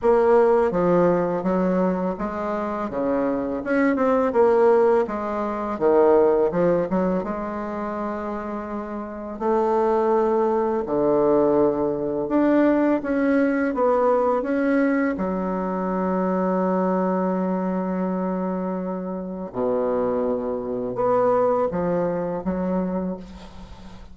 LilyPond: \new Staff \with { instrumentName = "bassoon" } { \time 4/4 \tempo 4 = 83 ais4 f4 fis4 gis4 | cis4 cis'8 c'8 ais4 gis4 | dis4 f8 fis8 gis2~ | gis4 a2 d4~ |
d4 d'4 cis'4 b4 | cis'4 fis2.~ | fis2. b,4~ | b,4 b4 f4 fis4 | }